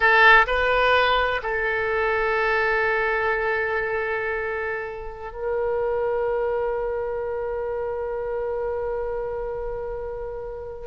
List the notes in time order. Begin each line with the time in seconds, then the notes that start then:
0.00 A4
0.46 B4
1.42 A4
5.32 A#4